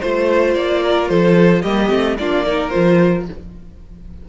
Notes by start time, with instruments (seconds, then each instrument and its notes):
0.00 cello A3, viola F4, violin C5
0.55 cello A#3, violin D5
0.83 violin A#4
1.08 cello F3, violin A4 C5
1.62 cello G3, viola A#3, violin G4 D#5
1.89 cello A3, viola C4
2.18 cello A#3, viola D4, violin F4 D5
2.45 viola D#4, violin A#4
2.69 cello F3, viola F4, violin C5